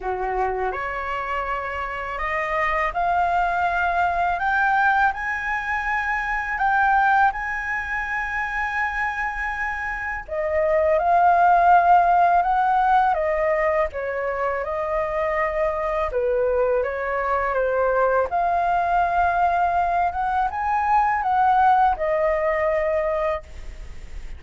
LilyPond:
\new Staff \with { instrumentName = "flute" } { \time 4/4 \tempo 4 = 82 fis'4 cis''2 dis''4 | f''2 g''4 gis''4~ | gis''4 g''4 gis''2~ | gis''2 dis''4 f''4~ |
f''4 fis''4 dis''4 cis''4 | dis''2 b'4 cis''4 | c''4 f''2~ f''8 fis''8 | gis''4 fis''4 dis''2 | }